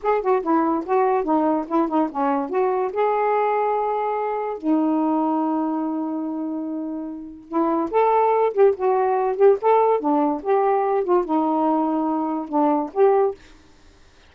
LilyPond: \new Staff \with { instrumentName = "saxophone" } { \time 4/4 \tempo 4 = 144 gis'8 fis'8 e'4 fis'4 dis'4 | e'8 dis'8 cis'4 fis'4 gis'4~ | gis'2. dis'4~ | dis'1~ |
dis'2 e'4 a'4~ | a'8 g'8 fis'4. g'8 a'4 | d'4 g'4. f'8 dis'4~ | dis'2 d'4 g'4 | }